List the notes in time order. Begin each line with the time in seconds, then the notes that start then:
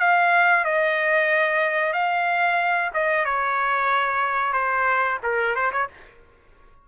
0.00 F5
0.65 D#5
1.94 F5
2.94 D#5
3.25 C#5
4.53 C5
5.23 A#4
5.56 C5
5.72 C#5